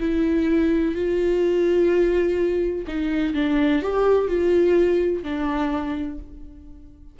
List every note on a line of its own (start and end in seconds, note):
0.00 0.95 E4
0.95 2.85 F4
2.87 3.34 D#4
3.34 3.82 D4
3.82 4.28 G4
4.28 5.23 F4
5.23 6.18 D4